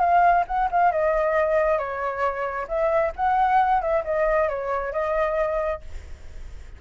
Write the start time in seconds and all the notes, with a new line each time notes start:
0.00 F5
0.47 F#5
0.71 F5
0.92 D#5
1.79 C#5
2.68 E5
3.16 F#5
3.82 E5
4.05 D#5
4.49 C#5
4.93 D#5